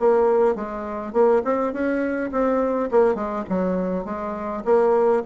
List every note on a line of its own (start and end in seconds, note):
0.00 0.56 A#3
0.56 1.13 G#3
1.13 1.42 A#3
1.45 1.73 C4
1.73 2.31 C#4
2.32 2.90 C4
2.92 3.15 A#3
3.15 3.44 G#3
3.50 4.05 F#3
4.05 4.63 G#3
4.65 5.23 A#3